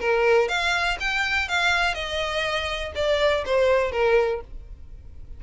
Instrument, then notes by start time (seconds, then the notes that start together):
violin
0.00 A#4
0.48 F5
1.00 G5
1.48 F5
1.94 D#5
2.95 D5
3.45 C5
3.91 A#4